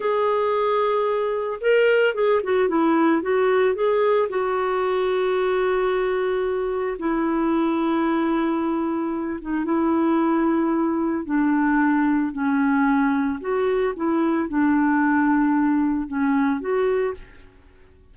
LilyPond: \new Staff \with { instrumentName = "clarinet" } { \time 4/4 \tempo 4 = 112 gis'2. ais'4 | gis'8 fis'8 e'4 fis'4 gis'4 | fis'1~ | fis'4 e'2.~ |
e'4. dis'8 e'2~ | e'4 d'2 cis'4~ | cis'4 fis'4 e'4 d'4~ | d'2 cis'4 fis'4 | }